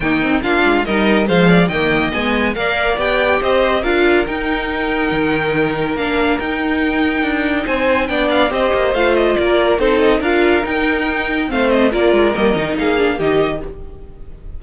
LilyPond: <<
  \new Staff \with { instrumentName = "violin" } { \time 4/4 \tempo 4 = 141 g''4 f''4 dis''4 f''4 | g''4 gis''4 f''4 g''4 | dis''4 f''4 g''2~ | g''2 f''4 g''4~ |
g''2 gis''4 g''8 f''8 | dis''4 f''8 dis''8 d''4 c''8 dis''8 | f''4 g''2 f''8 dis''8 | d''4 dis''4 f''4 dis''4 | }
  \new Staff \with { instrumentName = "violin" } { \time 4/4 dis'4 f'4 ais'4 c''8 d''8 | dis''2 d''2 | c''4 ais'2.~ | ais'1~ |
ais'2 c''4 d''4 | c''2 ais'4 a'4 | ais'2. c''4 | ais'2 gis'4 g'4 | }
  \new Staff \with { instrumentName = "viola" } { \time 4/4 ais8 c'8 d'4 dis'4 gis4 | ais4 b4 ais'4 g'4~ | g'4 f'4 dis'2~ | dis'2 d'4 dis'4~ |
dis'2. d'4 | g'4 f'2 dis'4 | f'4 dis'2 c'4 | f'4 ais8 dis'4 d'8 dis'4 | }
  \new Staff \with { instrumentName = "cello" } { \time 4/4 dis4 ais8 gis8 g4 f4 | dis4 gis4 ais4 b4 | c'4 d'4 dis'2 | dis2 ais4 dis'4~ |
dis'4 d'4 c'4 b4 | c'8 ais8 a4 ais4 c'4 | d'4 dis'2 a4 | ais8 gis8 g8 dis8 ais4 dis4 | }
>>